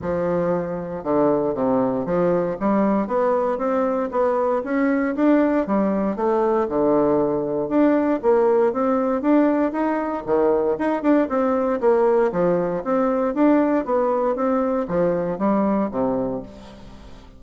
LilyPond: \new Staff \with { instrumentName = "bassoon" } { \time 4/4 \tempo 4 = 117 f2 d4 c4 | f4 g4 b4 c'4 | b4 cis'4 d'4 g4 | a4 d2 d'4 |
ais4 c'4 d'4 dis'4 | dis4 dis'8 d'8 c'4 ais4 | f4 c'4 d'4 b4 | c'4 f4 g4 c4 | }